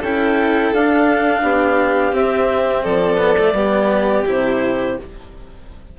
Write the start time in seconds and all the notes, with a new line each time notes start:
0.00 C#4 E4 A4 G5
0.72 D4 F5
1.43 B3 G4
2.12 C4 E5
2.84 F3 A4 D5
3.17 B3
3.38 A3
3.53 G3 B3 G4
4.26 C3 E4 C5